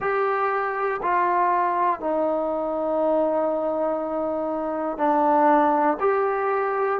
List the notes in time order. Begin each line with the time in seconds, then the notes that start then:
0.00 G4
1.02 F4
2.00 D#4
4.97 D4
6.00 G4